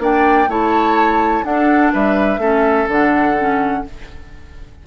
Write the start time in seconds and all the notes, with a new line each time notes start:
0.00 A#3 D4 D5 G5
0.49 A3 E4 C#5 A5
1.44 D4 A4 F#5
1.93 G3 B4 E5
2.38 A3 C#4 A4
2.88 D3 D4 F#5
3.38 C#4